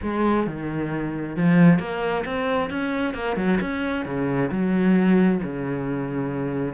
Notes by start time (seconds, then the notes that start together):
0.02 G#3
0.46 D#3
1.36 F3
1.79 A#3
2.25 C4
2.69 C#4
3.14 A#3
3.36 F#3
3.60 C#4
4.05 C#3
4.51 F#3
5.43 C#3